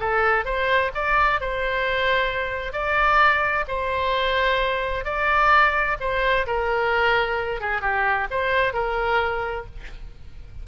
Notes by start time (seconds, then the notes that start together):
0.00 A4
0.45 C5
0.95 D5
1.41 C5
2.73 D5
3.68 C5
5.05 D5
6.00 C5
6.47 A#4
7.61 G#4
7.81 G4
8.31 C5
8.73 A#4